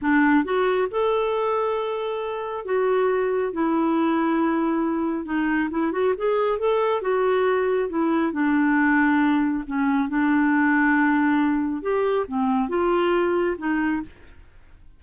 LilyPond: \new Staff \with { instrumentName = "clarinet" } { \time 4/4 \tempo 4 = 137 d'4 fis'4 a'2~ | a'2 fis'2 | e'1 | dis'4 e'8 fis'8 gis'4 a'4 |
fis'2 e'4 d'4~ | d'2 cis'4 d'4~ | d'2. g'4 | c'4 f'2 dis'4 | }